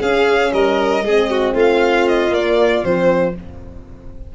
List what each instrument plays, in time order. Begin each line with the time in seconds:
0.00 tuba C#4, horn C#4, violin G#4 F5
0.52 tuba G3, violin A#4 D#5
1.02 tuba G#3, horn C4, violin G#4
1.30 violin F#4
1.53 tuba A3, violin F4 F5
2.08 violin D#5
2.30 tuba A#3, horn A#3, violin D5
2.83 tuba F3, horn C4, violin C5